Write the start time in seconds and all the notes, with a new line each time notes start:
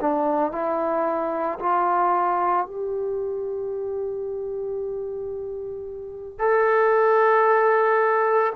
0.00 D4
0.51 E4
1.59 F4
2.66 G4
6.38 A4